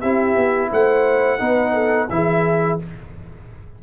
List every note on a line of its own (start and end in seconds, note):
0.00 0.35 C4
0.00 1.39 E4
0.00 0.70 G4
0.00 0.69 E5
0.35 0.70 B3
0.71 1.40 A3
0.71 1.40 C5
0.71 2.09 F#5
1.39 2.09 B3
1.39 2.08 D#4
1.39 1.73 B4
1.73 2.08 A4
2.09 2.78 E3
2.09 2.79 E4
2.09 2.82 G#4
2.09 2.78 E5